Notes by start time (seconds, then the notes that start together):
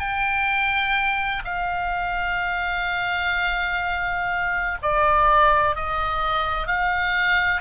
0.00 G5
1.45 F5
4.83 D5
5.76 D#5
6.68 F5